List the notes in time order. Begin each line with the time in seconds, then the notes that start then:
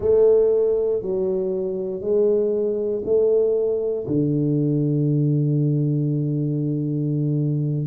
0.00 A3
1.02 F#3
2.00 G#3
3.04 A3
4.07 D3